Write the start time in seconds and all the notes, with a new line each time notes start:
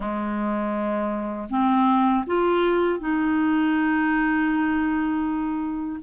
0.00 G#3
1.49 C4
2.26 F4
2.99 D#4